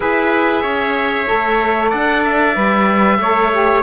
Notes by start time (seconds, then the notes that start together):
0.00 E4 G#4 B4 E5
0.62 C#4 C#5
1.26 A3 A4
1.89 D4 D5 F#5
2.23 E5
2.54 G3 B4
3.18 A3 A4 C#5
3.51 G4